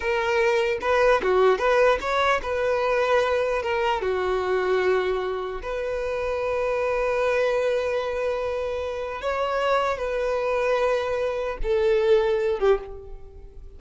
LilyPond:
\new Staff \with { instrumentName = "violin" } { \time 4/4 \tempo 4 = 150 ais'2 b'4 fis'4 | b'4 cis''4 b'2~ | b'4 ais'4 fis'2~ | fis'2 b'2~ |
b'1~ | b'2. cis''4~ | cis''4 b'2.~ | b'4 a'2~ a'8 g'8 | }